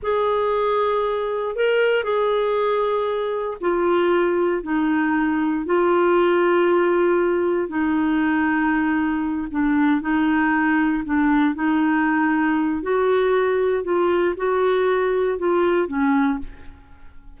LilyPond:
\new Staff \with { instrumentName = "clarinet" } { \time 4/4 \tempo 4 = 117 gis'2. ais'4 | gis'2. f'4~ | f'4 dis'2 f'4~ | f'2. dis'4~ |
dis'2~ dis'8 d'4 dis'8~ | dis'4. d'4 dis'4.~ | dis'4 fis'2 f'4 | fis'2 f'4 cis'4 | }